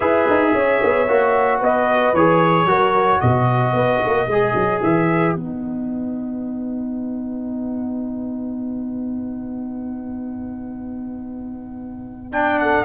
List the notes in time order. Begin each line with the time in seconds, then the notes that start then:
0.00 E4 G#4 B4 E5
0.30 D#4
0.53 C#4 C#5
0.83 B3
1.08 A#3 F#4
1.58 B3 B4 D#5
2.13 E3 G#4 C#5
2.65 F#3 F#4 A#4
3.20 B2 B4 D#5
3.73 B3
4.05 A#3
4.27 G#3 G#4
4.54 F#3
4.82 E3 E5
5.35 B3 D#4 F#5
12.32 D4 G5
12.59 A4 F#5